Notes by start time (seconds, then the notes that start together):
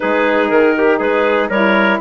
0.00 G#3 D#4 G#4 B4
0.49 D#3 A#4
0.77 G4
0.99 G#3 G#4 B4
1.49 G3 E4 A#4 C#5